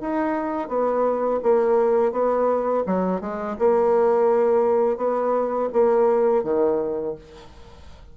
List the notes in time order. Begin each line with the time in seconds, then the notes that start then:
0.00 D#4
0.68 B3
1.43 A#3
2.12 B3
2.86 F#3
3.20 G#3
3.59 A#3
4.97 B3
5.73 A#3
6.44 D#3